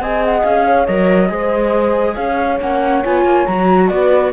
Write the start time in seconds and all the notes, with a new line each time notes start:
0.00 C4 G#4 D#5 G#5
0.25 F#5
0.44 C#4 F5
0.66 C#5
0.86 F#3 A#4 D#5
1.28 G#3 G#4 C5
2.15 C#4 C#5 F5
2.61 A#3 C#4 F#5
3.04 B3 F4 G#5
3.25 A#3
3.47 F#3 F#4 A#5
3.88 B3 B4 D5